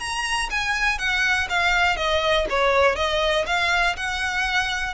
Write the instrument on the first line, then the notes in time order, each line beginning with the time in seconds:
violin
0.00 A#5
0.51 G#5
0.99 F#5
1.50 F5
1.97 D#5
2.50 C#5
2.96 D#5
3.47 F5
3.97 F#5